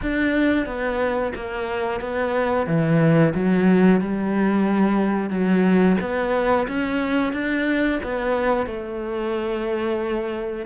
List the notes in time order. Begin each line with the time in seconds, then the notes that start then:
0.02 D4
0.66 B3
1.35 A#3
2.00 B3
2.66 E3
3.34 F#3
4.00 G3
5.30 F#3
6.00 B3
6.67 C#4
7.32 D4
8.03 B3
8.66 A3